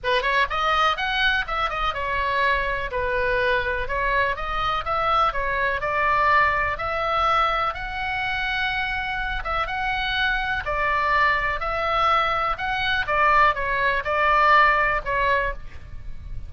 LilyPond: \new Staff \with { instrumentName = "oboe" } { \time 4/4 \tempo 4 = 124 b'8 cis''8 dis''4 fis''4 e''8 dis''8 | cis''2 b'2 | cis''4 dis''4 e''4 cis''4 | d''2 e''2 |
fis''2.~ fis''8 e''8 | fis''2 d''2 | e''2 fis''4 d''4 | cis''4 d''2 cis''4 | }